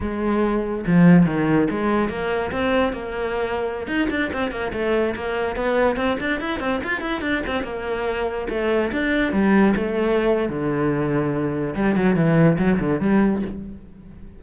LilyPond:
\new Staff \with { instrumentName = "cello" } { \time 4/4 \tempo 4 = 143 gis2 f4 dis4 | gis4 ais4 c'4 ais4~ | ais4~ ais16 dis'8 d'8 c'8 ais8 a8.~ | a16 ais4 b4 c'8 d'8 e'8 c'16~ |
c'16 f'8 e'8 d'8 c'8 ais4.~ ais16~ | ais16 a4 d'4 g4 a8.~ | a4 d2. | g8 fis8 e4 fis8 d8 g4 | }